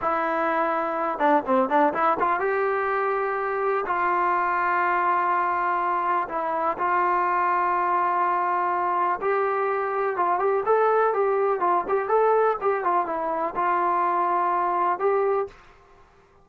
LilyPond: \new Staff \with { instrumentName = "trombone" } { \time 4/4 \tempo 4 = 124 e'2~ e'8 d'8 c'8 d'8 | e'8 f'8 g'2. | f'1~ | f'4 e'4 f'2~ |
f'2. g'4~ | g'4 f'8 g'8 a'4 g'4 | f'8 g'8 a'4 g'8 f'8 e'4 | f'2. g'4 | }